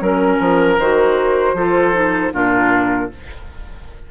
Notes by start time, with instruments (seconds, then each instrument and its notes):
0.00 bassoon F#3, clarinet C#4, oboe A#4, flute A#4
0.39 bassoon F3
0.78 bassoon D#3, clarinet F#4, flute C5
1.53 bassoon F3, clarinet F4, oboe A4
1.92 clarinet D#4
2.33 bassoon A#2, clarinet D4, oboe F4, flute A#4